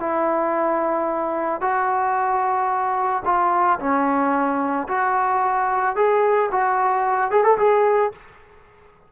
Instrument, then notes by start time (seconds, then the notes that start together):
trombone
0.00 E4
1.61 F#4
3.25 F4
3.79 C#4
4.88 F#4
5.96 G#4
6.51 F#4
7.31 G#4
7.44 A4
7.58 G#4